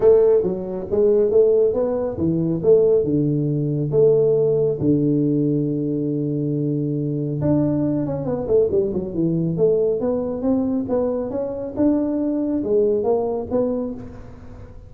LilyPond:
\new Staff \with { instrumentName = "tuba" } { \time 4/4 \tempo 4 = 138 a4 fis4 gis4 a4 | b4 e4 a4 d4~ | d4 a2 d4~ | d1~ |
d4 d'4. cis'8 b8 a8 | g8 fis8 e4 a4 b4 | c'4 b4 cis'4 d'4~ | d'4 gis4 ais4 b4 | }